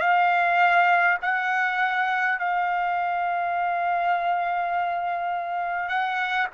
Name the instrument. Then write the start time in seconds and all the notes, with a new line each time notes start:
trumpet
0.00 F5
1.21 F#5
2.39 F5
5.88 F#5